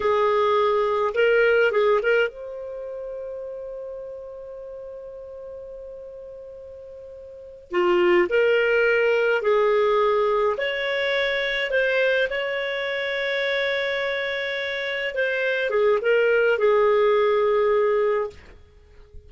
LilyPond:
\new Staff \with { instrumentName = "clarinet" } { \time 4/4 \tempo 4 = 105 gis'2 ais'4 gis'8 ais'8 | c''1~ | c''1~ | c''4. f'4 ais'4.~ |
ais'8 gis'2 cis''4.~ | cis''8 c''4 cis''2~ cis''8~ | cis''2~ cis''8 c''4 gis'8 | ais'4 gis'2. | }